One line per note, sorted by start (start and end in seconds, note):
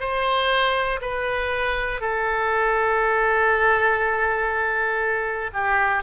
0.00 1.00 C5
1.02 2.01 B4
2.01 5.51 A4
5.53 6.03 G4